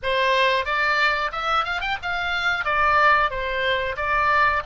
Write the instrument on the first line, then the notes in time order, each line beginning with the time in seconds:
oboe
0.02 C5
0.65 D5
1.32 E5
1.64 F5
1.80 G5
2.02 F5
2.64 D5
3.30 C5
3.96 D5